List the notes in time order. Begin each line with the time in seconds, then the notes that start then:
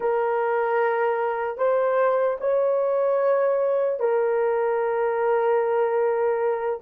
0.00 A#4
1.57 C5
2.40 C#5
3.99 A#4